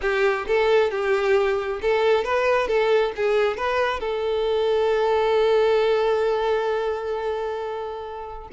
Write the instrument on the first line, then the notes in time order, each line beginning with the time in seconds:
violin
0.01 G4
0.47 A4
0.90 G4
1.81 A4
2.24 B4
2.67 A4
3.16 G#4
3.57 B4
4.00 A4